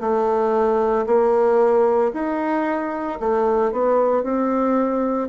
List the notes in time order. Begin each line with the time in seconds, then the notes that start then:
0.00 A3
1.06 A#3
2.13 D#4
3.20 A3
3.72 B3
4.23 C4